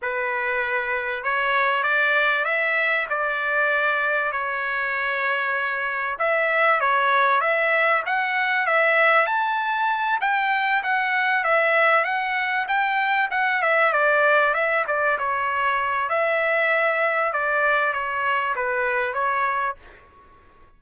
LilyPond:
\new Staff \with { instrumentName = "trumpet" } { \time 4/4 \tempo 4 = 97 b'2 cis''4 d''4 | e''4 d''2 cis''4~ | cis''2 e''4 cis''4 | e''4 fis''4 e''4 a''4~ |
a''8 g''4 fis''4 e''4 fis''8~ | fis''8 g''4 fis''8 e''8 d''4 e''8 | d''8 cis''4. e''2 | d''4 cis''4 b'4 cis''4 | }